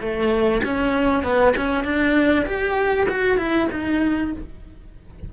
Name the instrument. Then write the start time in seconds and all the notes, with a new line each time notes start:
cello
0.00 A3
0.64 C#4
1.23 B3
1.56 C#4
1.84 D4
2.45 G4
3.09 F#4
3.37 E4
3.71 D#4